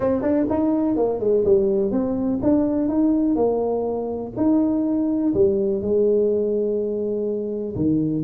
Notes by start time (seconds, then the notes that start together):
0.00 C4
0.22 D4
0.49 D#4
0.96 A#3
1.19 G#3
1.44 G3
1.91 C4
2.42 D4
2.88 D#4
3.35 A#3
4.37 D#4
5.34 G3
5.81 G#3
7.75 D#3